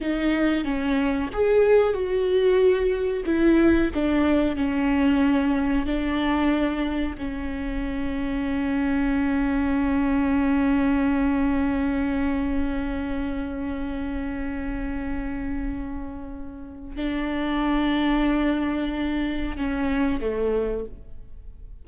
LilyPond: \new Staff \with { instrumentName = "viola" } { \time 4/4 \tempo 4 = 92 dis'4 cis'4 gis'4 fis'4~ | fis'4 e'4 d'4 cis'4~ | cis'4 d'2 cis'4~ | cis'1~ |
cis'1~ | cis'1~ | cis'2 d'2~ | d'2 cis'4 a4 | }